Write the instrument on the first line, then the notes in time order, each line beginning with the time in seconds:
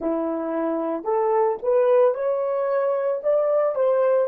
horn
0.00 E4
1.04 A4
1.62 B4
2.14 C#5
3.23 D5
3.75 C5